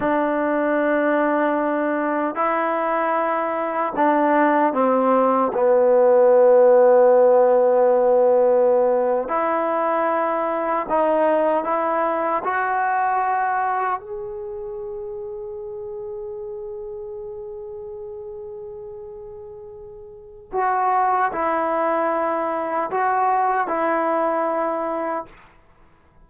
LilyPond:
\new Staff \with { instrumentName = "trombone" } { \time 4/4 \tempo 4 = 76 d'2. e'4~ | e'4 d'4 c'4 b4~ | b2.~ b8. e'16~ | e'4.~ e'16 dis'4 e'4 fis'16~ |
fis'4.~ fis'16 gis'2~ gis'16~ | gis'1~ | gis'2 fis'4 e'4~ | e'4 fis'4 e'2 | }